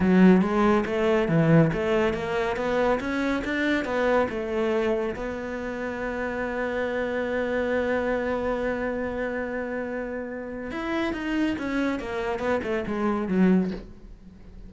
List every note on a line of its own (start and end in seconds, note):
0.00 0.41 F#3
0.41 0.84 G#3
0.85 1.28 A3
1.28 1.71 E3
1.73 2.13 A3
2.13 2.56 A#3
2.56 2.99 B3
3.00 3.42 C#4
3.44 3.84 D4
3.84 4.27 B3
4.29 5.15 A3
5.15 10.71 B3
10.71 11.13 E4
11.13 11.56 D#4
11.58 11.99 C#4
11.99 12.39 A#3
12.39 12.60 B3
12.63 12.84 A3
12.87 13.27 G#3
13.27 13.70 F#3